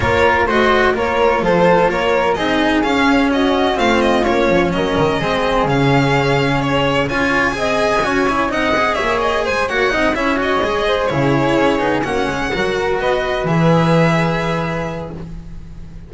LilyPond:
<<
  \new Staff \with { instrumentName = "violin" } { \time 4/4 \tempo 4 = 127 cis''4 dis''4 cis''4 c''4 | cis''4 dis''4 f''4 dis''4 | f''8 dis''8 cis''4 dis''2 | f''2 cis''4 gis''4~ |
gis''2 fis''4 e''8 dis''8 | gis''8 fis''4 e''8 dis''4. cis''8~ | cis''4. fis''2 dis''8~ | dis''8 e''2.~ e''8 | }
  \new Staff \with { instrumentName = "flute" } { \time 4/4 ais'4 c''4 ais'4 a'4 | ais'4 gis'2 fis'4 | f'2 ais'4 gis'4~ | gis'2. cis''4 |
dis''4 cis''4 dis''4 cis''4 | c''8 cis''8 dis''8 cis''4. c''8 gis'8~ | gis'4. fis'8 gis'8 ais'4 b'8~ | b'1 | }
  \new Staff \with { instrumentName = "cello" } { \time 4/4 f'4 fis'4 f'2~ | f'4 dis'4 cis'2 | c'4 cis'2 c'4 | cis'2. f'4 |
gis'4 fis'8 e'8 dis'8 gis'4.~ | gis'8 fis'8 dis'8 e'8 fis'8 gis'4 e'8~ | e'4 dis'8 cis'4 fis'4.~ | fis'8 gis'2.~ gis'8 | }
  \new Staff \with { instrumentName = "double bass" } { \time 4/4 ais4 a4 ais4 f4 | ais4 c'4 cis'2 | a4 ais8 f8 fis8 dis8 gis4 | cis2. cis'4 |
c'4 cis'4 c'4 ais4 | gis8 ais8 c'8 cis'4 gis4 cis8~ | cis8 cis'8 b8 ais8 gis8 fis4 b8~ | b8 e2.~ e8 | }
>>